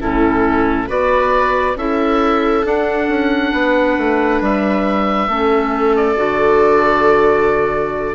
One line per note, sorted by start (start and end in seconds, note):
0.00 0.89 A2
0.00 0.87 C#4
0.00 0.87 E4
0.00 0.89 A4
0.87 1.75 B3
0.87 1.75 F#4
0.87 1.76 B4
0.87 1.77 D5
1.75 2.64 C#4
1.75 2.63 E4
1.75 3.51 A4
1.75 2.66 E5
2.63 5.28 D4
2.63 3.08 D4
2.63 4.43 F#5
3.08 3.52 C#4
3.51 3.97 B3
3.51 5.28 B4
3.97 4.41 A3
4.41 5.27 G3
4.41 5.96 E5
5.27 6.16 A3
5.27 6.17 C#4
5.27 8.15 A4
5.96 8.15 D5
6.17 8.15 D3
6.17 8.15 F#4